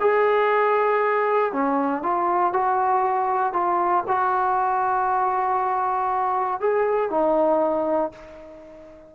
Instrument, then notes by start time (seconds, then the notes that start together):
trombone
0.00 G#4
1.53 C#4
2.02 F4
2.53 F#4
3.53 F4
4.07 F#4
6.60 G#4
7.10 D#4